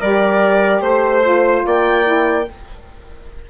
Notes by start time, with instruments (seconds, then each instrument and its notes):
0.00 bassoon G3, saxophone G4, trumpet A#4, violin D5
0.81 bassoon A3, violin C5, trumpet C5
1.22 saxophone F4
1.66 bassoon A#3, trumpet D5, violin G5
2.04 saxophone E4